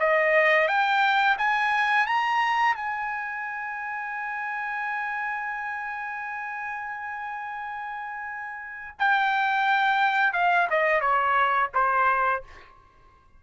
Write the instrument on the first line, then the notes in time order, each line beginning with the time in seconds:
trumpet
0.00 D#5
0.68 G5
1.39 G#5
2.07 A#5
2.76 G#5
8.99 G5
10.34 F5
10.71 D#5
11.01 C#5
11.74 C5